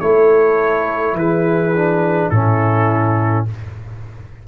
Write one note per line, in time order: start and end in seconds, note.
0.00 1.13 A3
0.00 1.74 E4
0.00 1.16 A4
0.00 1.15 C#5
1.13 2.28 E3
1.13 2.32 G#4
1.13 2.30 B4
1.75 2.32 D4
2.30 3.46 A2
2.30 3.48 C#4
2.30 3.48 E4
2.30 3.45 A4